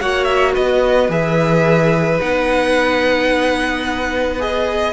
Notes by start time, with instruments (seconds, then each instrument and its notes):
0.00 cello A#3, viola F#4, violin C#5 F#5
0.25 violin E5
0.54 cello B3, violin B4 D#5
1.09 cello E3, viola G#4, violin E5
2.20 cello B3, viola D#4, violin F#5
4.39 viola G#4, violin D#5